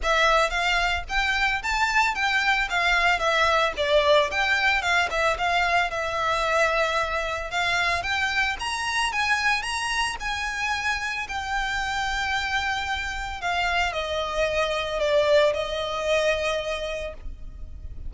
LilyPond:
\new Staff \with { instrumentName = "violin" } { \time 4/4 \tempo 4 = 112 e''4 f''4 g''4 a''4 | g''4 f''4 e''4 d''4 | g''4 f''8 e''8 f''4 e''4~ | e''2 f''4 g''4 |
ais''4 gis''4 ais''4 gis''4~ | gis''4 g''2.~ | g''4 f''4 dis''2 | d''4 dis''2. | }